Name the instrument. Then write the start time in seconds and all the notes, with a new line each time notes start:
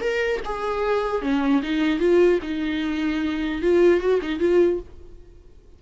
viola
0.00 A#4
0.45 G#4
1.21 C#4
1.62 D#4
1.99 F4
2.42 D#4
3.62 F4
4.00 F#4
4.21 D#4
4.39 F4